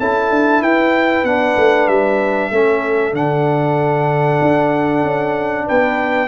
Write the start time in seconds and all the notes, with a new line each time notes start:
0.00 C#4 E4 A4 A5
0.30 D4
0.62 E4 B4 G5
1.24 B3 D4 F#5
1.57 A3
1.88 G3 E5
2.51 A3 C#4 A4
3.13 D3 D4 F#5
4.42 D4
5.03 C#4
5.66 B3 B4 G5